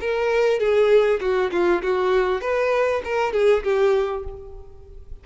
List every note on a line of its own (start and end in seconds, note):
0.00 0.59 A#4
0.59 1.20 G#4
1.20 1.51 F#4
1.51 1.82 F4
1.82 2.41 F#4
2.41 3.02 B4
3.04 3.33 A#4
3.33 3.63 G#4
3.63 4.24 G4